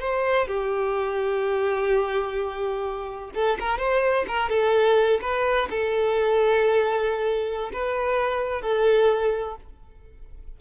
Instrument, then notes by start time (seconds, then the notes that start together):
violin
0.00 C5
0.47 G4
3.34 A4
3.60 A#4
3.78 C5
4.28 A#4
4.49 A4
5.21 B4
5.70 A4
7.73 B4
8.62 A4